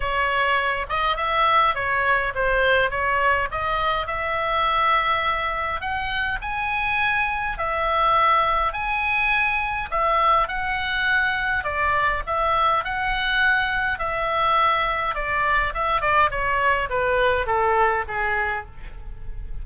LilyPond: \new Staff \with { instrumentName = "oboe" } { \time 4/4 \tempo 4 = 103 cis''4. dis''8 e''4 cis''4 | c''4 cis''4 dis''4 e''4~ | e''2 fis''4 gis''4~ | gis''4 e''2 gis''4~ |
gis''4 e''4 fis''2 | d''4 e''4 fis''2 | e''2 d''4 e''8 d''8 | cis''4 b'4 a'4 gis'4 | }